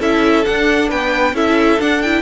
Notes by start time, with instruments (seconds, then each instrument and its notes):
0.00 cello C#4, viola E4, violin A4 E5
0.44 viola D4, cello D4, violin F#5
0.89 cello B3, violin B4 G5
1.33 cello C#4, viola E4, violin A4 E5
1.79 viola D4, cello D4, violin F#5
2.02 viola E4, violin G5